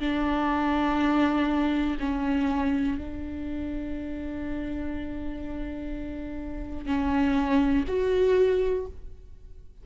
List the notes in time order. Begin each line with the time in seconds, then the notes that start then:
0.00 D4
2.00 C#4
2.98 D4
6.86 C#4
7.88 F#4